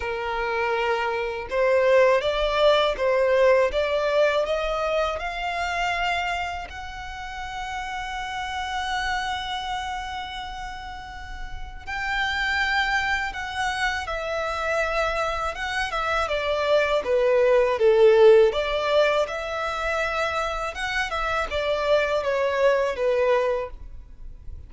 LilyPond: \new Staff \with { instrumentName = "violin" } { \time 4/4 \tempo 4 = 81 ais'2 c''4 d''4 | c''4 d''4 dis''4 f''4~ | f''4 fis''2.~ | fis''1 |
g''2 fis''4 e''4~ | e''4 fis''8 e''8 d''4 b'4 | a'4 d''4 e''2 | fis''8 e''8 d''4 cis''4 b'4 | }